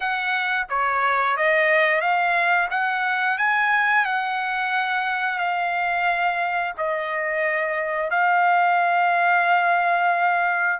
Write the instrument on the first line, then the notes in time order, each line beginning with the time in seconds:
trumpet
0.00 F#5
0.69 C#5
1.36 D#5
2.01 F5
2.70 F#5
3.37 G#5
4.05 F#5
5.38 F5
6.78 D#5
8.10 F5